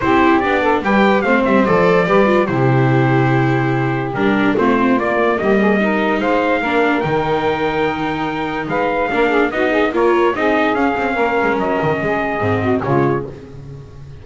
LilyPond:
<<
  \new Staff \with { instrumentName = "trumpet" } { \time 4/4 \tempo 4 = 145 c''4 d''4 g''4 f''8 e''8 | d''2 c''2~ | c''2 ais'4 c''4 | d''4 dis''2 f''4~ |
f''4 g''2.~ | g''4 f''2 dis''4 | cis''4 dis''4 f''2 | dis''2. cis''4 | }
  \new Staff \with { instrumentName = "saxophone" } { \time 4/4 g'4. a'8 b'4 c''4~ | c''4 b'4 g'2~ | g'2. f'4~ | f'4 g'8 gis'8 ais'4 c''4 |
ais'1~ | ais'4 b'4 ais'8 gis'8 fis'8 gis'8 | ais'4 gis'2 ais'4~ | ais'4 gis'4. fis'8 f'4 | }
  \new Staff \with { instrumentName = "viola" } { \time 4/4 e'4 d'4 g'4 c'4 | a'4 g'8 f'8 e'2~ | e'2 d'4 c'4 | ais2 dis'2 |
d'4 dis'2.~ | dis'2 d'4 dis'4 | f'4 dis'4 cis'2~ | cis'2 c'4 gis4 | }
  \new Staff \with { instrumentName = "double bass" } { \time 4/4 c'4 b4 g4 a8 g8 | f4 g4 c2~ | c2 g4 a4 | ais4 g2 gis4 |
ais4 dis2.~ | dis4 gis4 ais4 b4 | ais4 c'4 cis'8 c'8 ais8 gis8 | fis8 dis8 gis4 gis,4 cis4 | }
>>